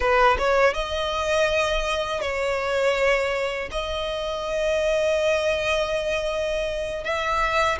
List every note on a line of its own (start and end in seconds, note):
0.00 0.37 B4
0.38 0.74 C#5
0.74 2.21 D#5
2.21 3.69 C#5
3.71 7.04 D#5
7.04 7.78 E5